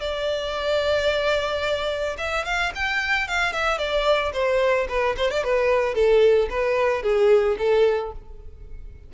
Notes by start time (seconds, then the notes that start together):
0.00 D5
2.17 E5
2.45 F5
2.75 G5
3.28 F5
3.52 E5
3.78 D5
4.33 C5
4.88 B4
5.17 C5
5.30 D5
5.43 B4
5.94 A4
6.49 B4
7.02 G#4
7.58 A4